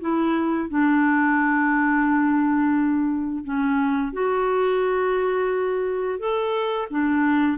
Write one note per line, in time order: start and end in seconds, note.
0.00 0.69 E4
0.69 3.44 D4
3.44 4.12 C#4
4.12 6.19 F#4
6.19 6.88 A4
6.90 7.58 D4